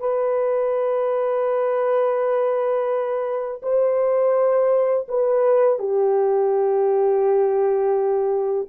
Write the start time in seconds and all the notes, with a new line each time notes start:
0.00 B4
3.63 C5
5.09 B4
5.79 G4